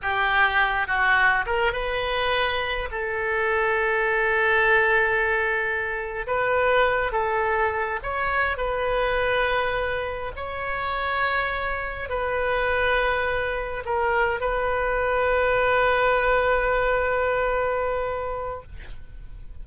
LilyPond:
\new Staff \with { instrumentName = "oboe" } { \time 4/4 \tempo 4 = 103 g'4. fis'4 ais'8 b'4~ | b'4 a'2.~ | a'2~ a'8. b'4~ b'16~ | b'16 a'4. cis''4 b'4~ b'16~ |
b'4.~ b'16 cis''2~ cis''16~ | cis''8. b'2. ais'16~ | ais'8. b'2.~ b'16~ | b'1 | }